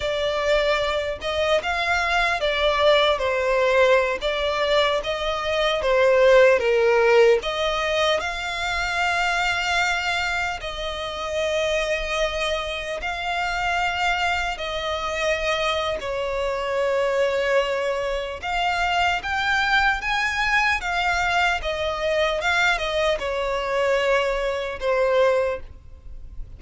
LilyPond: \new Staff \with { instrumentName = "violin" } { \time 4/4 \tempo 4 = 75 d''4. dis''8 f''4 d''4 | c''4~ c''16 d''4 dis''4 c''8.~ | c''16 ais'4 dis''4 f''4.~ f''16~ | f''4~ f''16 dis''2~ dis''8.~ |
dis''16 f''2 dis''4.~ dis''16 | cis''2. f''4 | g''4 gis''4 f''4 dis''4 | f''8 dis''8 cis''2 c''4 | }